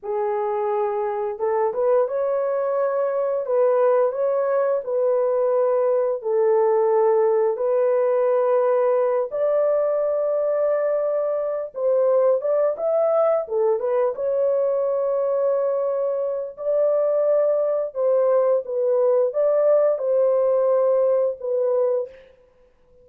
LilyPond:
\new Staff \with { instrumentName = "horn" } { \time 4/4 \tempo 4 = 87 gis'2 a'8 b'8 cis''4~ | cis''4 b'4 cis''4 b'4~ | b'4 a'2 b'4~ | b'4. d''2~ d''8~ |
d''4 c''4 d''8 e''4 a'8 | b'8 cis''2.~ cis''8 | d''2 c''4 b'4 | d''4 c''2 b'4 | }